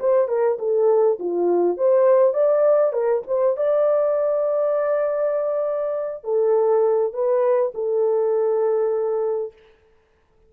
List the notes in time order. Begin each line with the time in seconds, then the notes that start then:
0.00 C5
0.28 A#4
0.59 A4
1.19 F4
1.77 C5
2.34 D5
2.93 A#4
3.27 C5
3.57 D5
6.24 A4
7.13 B4
7.75 A4